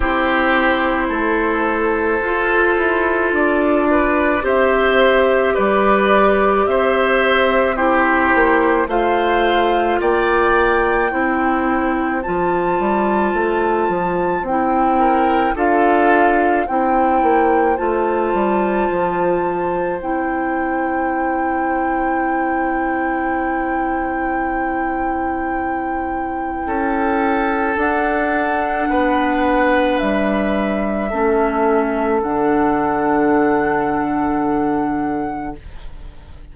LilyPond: <<
  \new Staff \with { instrumentName = "flute" } { \time 4/4 \tempo 4 = 54 c''2. d''4 | e''4 d''4 e''4 c''4 | f''4 g''2 a''4~ | a''4 g''4 f''4 g''4 |
a''2 g''2~ | g''1~ | g''4 fis''2 e''4~ | e''4 fis''2. | }
  \new Staff \with { instrumentName = "oboe" } { \time 4/4 g'4 a'2~ a'8 b'8 | c''4 b'4 c''4 g'4 | c''4 d''4 c''2~ | c''4. ais'8 a'4 c''4~ |
c''1~ | c''1 | a'2 b'2 | a'1 | }
  \new Staff \with { instrumentName = "clarinet" } { \time 4/4 e'2 f'2 | g'2. e'4 | f'2 e'4 f'4~ | f'4 e'4 f'4 e'4 |
f'2 e'2~ | e'1~ | e'4 d'2. | cis'4 d'2. | }
  \new Staff \with { instrumentName = "bassoon" } { \time 4/4 c'4 a4 f'8 e'8 d'4 | c'4 g4 c'4. ais8 | a4 ais4 c'4 f8 g8 | a8 f8 c'4 d'4 c'8 ais8 |
a8 g8 f4 c'2~ | c'1 | cis'4 d'4 b4 g4 | a4 d2. | }
>>